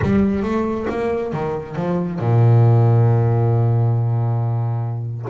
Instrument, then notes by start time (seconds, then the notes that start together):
double bass
0.02 G3
0.42 A3
0.89 A#3
1.32 D#3
1.75 F3
2.19 A#2